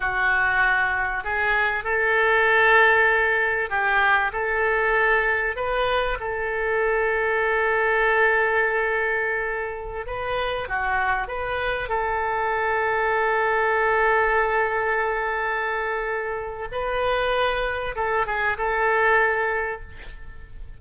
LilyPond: \new Staff \with { instrumentName = "oboe" } { \time 4/4 \tempo 4 = 97 fis'2 gis'4 a'4~ | a'2 g'4 a'4~ | a'4 b'4 a'2~ | a'1~ |
a'16 b'4 fis'4 b'4 a'8.~ | a'1~ | a'2. b'4~ | b'4 a'8 gis'8 a'2 | }